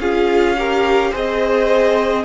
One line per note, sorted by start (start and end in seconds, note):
0.00 1.13 C#4
0.00 0.57 F4
0.00 0.57 G#4
0.00 1.14 F5
0.57 1.13 G4
0.57 1.11 A#4
1.11 2.26 C4
1.11 2.26 G#4
1.11 2.24 C5
1.11 2.26 D#5